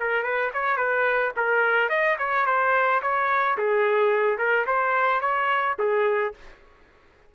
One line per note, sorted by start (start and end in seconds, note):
0.00 0.23 A#4
0.23 0.51 B4
0.54 0.77 C#5
0.77 1.32 B4
1.36 1.89 A#4
1.89 2.17 D#5
2.18 2.46 C#5
2.46 3.01 C5
3.02 3.57 C#5
3.57 4.38 G#4
4.38 4.65 A#4
4.66 5.21 C5
5.21 5.76 C#5
5.79 6.34 G#4